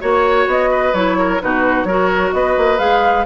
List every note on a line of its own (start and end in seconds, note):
0.00 0.47 A#3
0.00 0.93 F#4
0.00 0.70 C#5
0.00 0.48 C#5
0.47 0.93 B3
0.47 0.94 D#5
0.71 1.17 B4
0.94 1.40 F#3
0.94 1.40 E4
0.94 1.40 C#5
1.19 1.42 A#4
1.40 1.84 B2
1.40 1.87 D#4
1.40 1.87 F#4
1.40 1.84 B4
1.84 2.31 F#3
1.84 2.78 F#4
1.84 2.34 A#4
1.84 2.30 C#5
2.33 2.57 B3
2.33 3.25 B4
2.33 2.78 D#5
2.57 2.79 A#3
2.78 3.25 G#3
2.78 3.24 G#4
2.78 3.25 F5